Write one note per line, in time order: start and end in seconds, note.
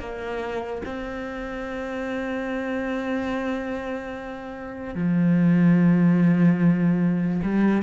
0.00 0.82 A#3
0.86 4.95 C4
4.95 7.42 F3
7.43 7.83 G3